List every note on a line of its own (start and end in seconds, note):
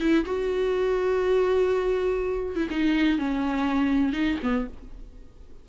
0.00 0.25 E4
0.25 2.56 F#4
2.56 2.68 E4
2.70 3.19 D#4
3.19 4.13 C#4
4.13 4.37 D#4
4.43 4.67 B3